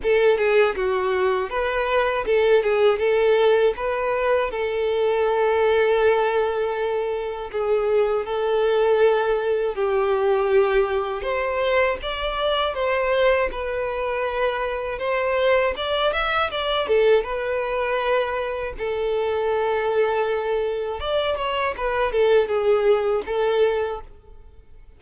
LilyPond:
\new Staff \with { instrumentName = "violin" } { \time 4/4 \tempo 4 = 80 a'8 gis'8 fis'4 b'4 a'8 gis'8 | a'4 b'4 a'2~ | a'2 gis'4 a'4~ | a'4 g'2 c''4 |
d''4 c''4 b'2 | c''4 d''8 e''8 d''8 a'8 b'4~ | b'4 a'2. | d''8 cis''8 b'8 a'8 gis'4 a'4 | }